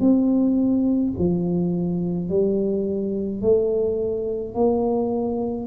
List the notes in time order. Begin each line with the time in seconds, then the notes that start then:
0.00 C4
1.18 F3
2.30 G3
3.42 A3
4.54 A#3